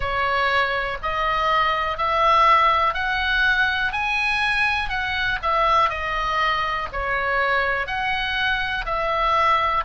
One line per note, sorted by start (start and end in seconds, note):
0.00 0.97 C#5
1.02 1.97 D#5
1.97 2.93 E5
2.93 3.92 F#5
3.92 4.89 G#5
4.89 5.38 F#5
5.42 5.89 E5
5.89 6.88 D#5
6.92 7.86 C#5
7.86 8.85 F#5
8.85 9.84 E5